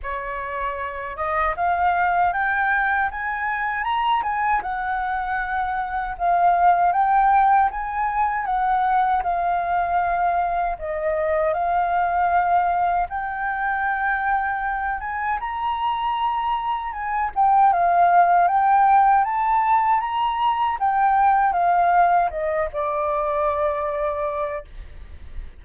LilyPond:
\new Staff \with { instrumentName = "flute" } { \time 4/4 \tempo 4 = 78 cis''4. dis''8 f''4 g''4 | gis''4 ais''8 gis''8 fis''2 | f''4 g''4 gis''4 fis''4 | f''2 dis''4 f''4~ |
f''4 g''2~ g''8 gis''8 | ais''2 gis''8 g''8 f''4 | g''4 a''4 ais''4 g''4 | f''4 dis''8 d''2~ d''8 | }